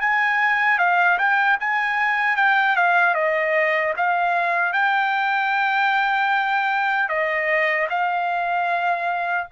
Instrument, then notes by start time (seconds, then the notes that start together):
trumpet
0.00 G#5
0.78 F5
1.18 G5
1.60 G#5
2.36 G5
2.76 F5
3.14 D#5
3.97 F5
4.73 G5
7.08 D#5
7.89 F5